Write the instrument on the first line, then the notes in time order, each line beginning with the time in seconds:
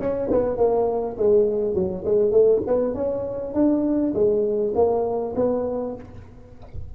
tuba
0.00 C#4
0.31 B3
0.57 A#3
1.17 G#3
1.74 F#3
2.05 G#3
2.31 A3
2.67 B3
2.94 C#4
3.54 D4
4.14 G#3
4.75 A#3
5.36 B3